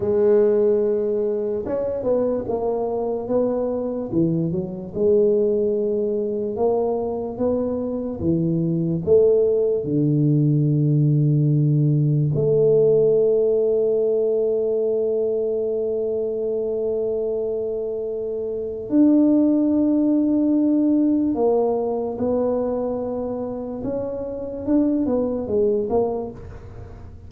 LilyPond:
\new Staff \with { instrumentName = "tuba" } { \time 4/4 \tempo 4 = 73 gis2 cis'8 b8 ais4 | b4 e8 fis8 gis2 | ais4 b4 e4 a4 | d2. a4~ |
a1~ | a2. d'4~ | d'2 ais4 b4~ | b4 cis'4 d'8 b8 gis8 ais8 | }